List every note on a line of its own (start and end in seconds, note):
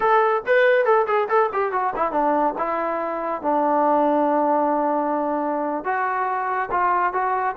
0.00 0.43 A4
0.46 0.85 B4
0.85 1.06 A4
1.07 1.28 G#4
1.28 1.50 A4
1.52 1.72 G4
1.72 1.93 F#4
1.96 2.11 E4
2.11 2.54 D4
2.58 3.42 E4
3.42 5.84 D4
5.84 6.69 F#4
6.71 7.13 F4
7.13 7.55 F#4